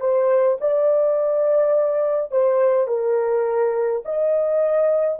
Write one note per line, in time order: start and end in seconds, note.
0.00 0.58 C5
0.60 2.31 D5
2.31 2.87 C5
2.87 4.03 A#4
4.05 5.19 D#5